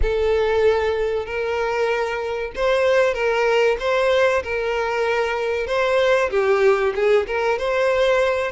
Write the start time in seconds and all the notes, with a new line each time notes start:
0.01 A4
1.25 A#4
2.56 C5
3.13 A#4
3.79 C5
4.43 A#4
5.66 C5
6.30 G4
6.95 G#4
7.26 A#4
7.58 C5